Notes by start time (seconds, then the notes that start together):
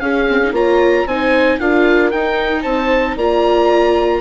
0.00 C#4 G#4 F5
0.29 C4
0.43 D#4
0.52 A#3 F4 C#5 A#5
1.06 C4 D#4 C5 G#5
1.60 D4 F4 A#4 F5
2.11 D#4 G5
2.62 C4 C5 A5
3.16 A#3 F4 D5 A#5